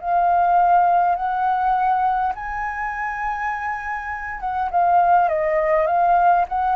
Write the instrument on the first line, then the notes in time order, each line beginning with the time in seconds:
flute
0.00 F5
1.16 F#5
2.35 G#5
4.40 F#5
4.71 F5
5.28 D#5
5.87 F5
6.49 F#5